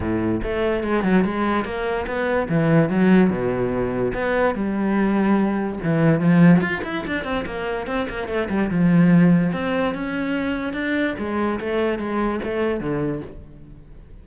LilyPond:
\new Staff \with { instrumentName = "cello" } { \time 4/4 \tempo 4 = 145 a,4 a4 gis8 fis8 gis4 | ais4 b4 e4 fis4 | b,2 b4 g4~ | g2 e4 f4 |
f'8 e'8 d'8 c'8 ais4 c'8 ais8 | a8 g8 f2 c'4 | cis'2 d'4 gis4 | a4 gis4 a4 d4 | }